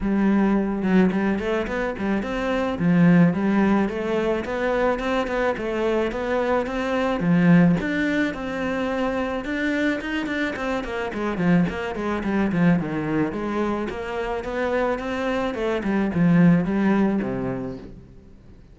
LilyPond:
\new Staff \with { instrumentName = "cello" } { \time 4/4 \tempo 4 = 108 g4. fis8 g8 a8 b8 g8 | c'4 f4 g4 a4 | b4 c'8 b8 a4 b4 | c'4 f4 d'4 c'4~ |
c'4 d'4 dis'8 d'8 c'8 ais8 | gis8 f8 ais8 gis8 g8 f8 dis4 | gis4 ais4 b4 c'4 | a8 g8 f4 g4 c4 | }